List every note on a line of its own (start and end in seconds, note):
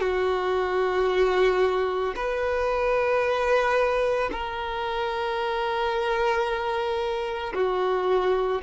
0.00 2.14 F#4
2.16 4.30 B4
4.32 7.53 A#4
7.54 8.62 F#4